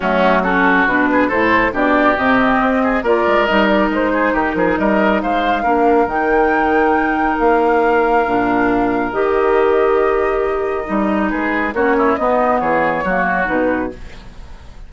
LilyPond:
<<
  \new Staff \with { instrumentName = "flute" } { \time 4/4 \tempo 4 = 138 fis'4 a'4 b'4 c''4 | d''4 dis''2 d''4 | dis''8 d''8 c''4 ais'4 dis''4 | f''2 g''2~ |
g''4 f''2.~ | f''4 dis''2.~ | dis''2 b'4 cis''4 | dis''4 cis''2 b'4 | }
  \new Staff \with { instrumentName = "oboe" } { \time 4/4 cis'4 fis'4. gis'8 a'4 | g'2~ g'8 gis'8 ais'4~ | ais'4. gis'8 g'8 gis'8 ais'4 | c''4 ais'2.~ |
ais'1~ | ais'1~ | ais'2 gis'4 fis'8 e'8 | dis'4 gis'4 fis'2 | }
  \new Staff \with { instrumentName = "clarinet" } { \time 4/4 a4 cis'4 d'4 e'4 | d'4 c'2 f'4 | dis'1~ | dis'4 d'4 dis'2~ |
dis'2. d'4~ | d'4 g'2.~ | g'4 dis'2 cis'4 | b2 ais4 dis'4 | }
  \new Staff \with { instrumentName = "bassoon" } { \time 4/4 fis2 b,4 a,4 | b,4 c4 c'4 ais8 gis8 | g4 gis4 dis8 f8 g4 | gis4 ais4 dis2~ |
dis4 ais2 ais,4~ | ais,4 dis2.~ | dis4 g4 gis4 ais4 | b4 e4 fis4 b,4 | }
>>